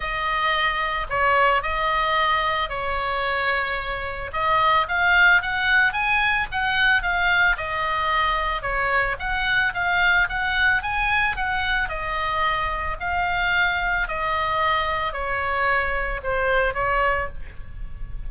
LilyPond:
\new Staff \with { instrumentName = "oboe" } { \time 4/4 \tempo 4 = 111 dis''2 cis''4 dis''4~ | dis''4 cis''2. | dis''4 f''4 fis''4 gis''4 | fis''4 f''4 dis''2 |
cis''4 fis''4 f''4 fis''4 | gis''4 fis''4 dis''2 | f''2 dis''2 | cis''2 c''4 cis''4 | }